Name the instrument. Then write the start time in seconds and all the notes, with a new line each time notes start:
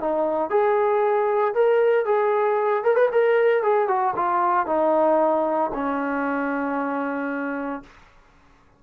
trombone
0.00 D#4
0.50 G#4
1.54 A#4
2.05 G#4
2.84 A#4
2.96 B4
3.12 A#4
3.63 G#4
3.88 F#4
4.16 F4
4.66 D#4
5.74 C#4